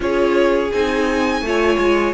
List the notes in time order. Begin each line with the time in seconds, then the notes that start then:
0.00 C#4 F4 G#4 C#5
0.72 C4 D#4 G#5
1.41 A3 F4 C#5
1.78 G#3